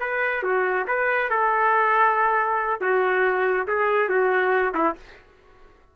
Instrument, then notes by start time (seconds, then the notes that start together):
trumpet
0.00 B4
0.43 F#4
0.88 B4
1.30 A4
2.81 F#4
3.67 G#4
4.09 F#4
4.74 E4